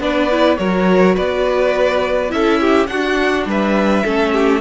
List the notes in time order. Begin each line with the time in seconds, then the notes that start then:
0.00 B3 D4 B4 D5
0.31 E4
0.58 F#3 F#4 A#4 C#5
1.16 B3 B4 D5
2.29 C#4 E4 A4 E5
2.61 G4
2.87 D4 F#4 F#5
3.46 G3 B4 E5
4.04 A3 C#4 A4
4.33 G4